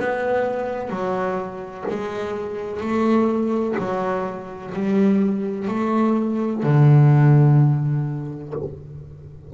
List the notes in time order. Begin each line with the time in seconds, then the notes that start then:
0.00 B3
0.90 F#3
1.90 G#3
2.81 A3
3.79 F#3
4.74 G3
5.69 A3
6.64 D3